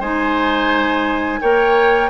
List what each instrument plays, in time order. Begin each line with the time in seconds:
0.00 bassoon G#3, clarinet D#4, oboe C5, flute G#5
1.41 bassoon A#3, clarinet A#4, oboe C#5, flute G5